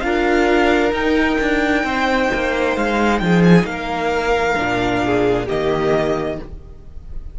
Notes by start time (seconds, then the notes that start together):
0.00 D4 F4 A#4 F5
0.92 D#4 G5
1.40 D4
1.83 C4 C5
2.33 A#3
2.76 G#3 F5
3.19 F3 G#4 G5
3.44 G#5
3.63 A#3 F5
3.70 A#4
4.56 A#2 D4
5.04 G#4
5.46 D#3 A#3 G4 D#5